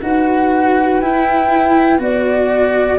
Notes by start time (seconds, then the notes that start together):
0.00 D#4 F#4 B4 F#5
1.01 E4 G5
1.99 B3 F#4 D5